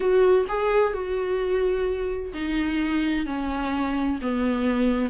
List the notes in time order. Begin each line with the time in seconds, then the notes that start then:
0.00 F#4
0.48 G#4
0.93 F#4
2.33 D#4
3.26 C#4
4.21 B3